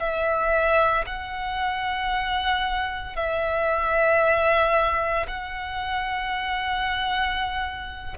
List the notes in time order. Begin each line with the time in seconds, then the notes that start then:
0.00 E5
1.07 F#5
3.16 E5
5.28 F#5